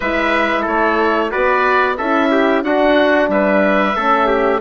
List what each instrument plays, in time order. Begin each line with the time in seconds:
0.00 bassoon G#3, horn E4, trumpet B4, oboe E5
0.61 bassoon A3, trumpet A4, oboe C#5
1.30 bassoon B3, horn F#4, trumpet B4, oboe D5
1.97 bassoon C#4, horn E4, trumpet A4, oboe E5
2.31 trumpet G4
2.63 horn D4, bassoon D4, trumpet F#4, oboe F#5
3.28 bassoon G3, trumpet B4, oboe E5
3.95 bassoon A3, horn C#4, trumpet A4
4.26 trumpet G4